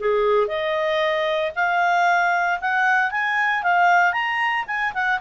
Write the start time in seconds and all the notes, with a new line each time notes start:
0.00 G#4
0.48 D#5
1.56 F5
2.61 F#5
3.11 G#5
3.63 F5
4.13 A#5
4.67 G#5
4.94 F#5